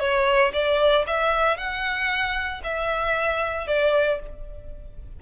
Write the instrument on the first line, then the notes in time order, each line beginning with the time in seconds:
violin
0.00 C#5
0.53 D5
1.07 E5
1.58 F#5
2.64 E5
3.68 D5